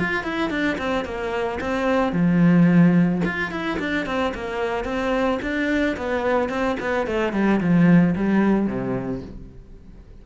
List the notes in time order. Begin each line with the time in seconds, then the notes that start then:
0.00 F4
0.24 E4
0.50 D4
0.78 C4
1.05 A#3
1.60 C4
2.12 F3
3.25 F4
3.51 E4
3.80 D4
4.06 C4
4.35 A#3
4.85 C4
5.42 D4
5.97 B3
6.50 C4
6.80 B3
7.07 A3
7.33 G3
7.60 F3
8.16 G3
8.67 C3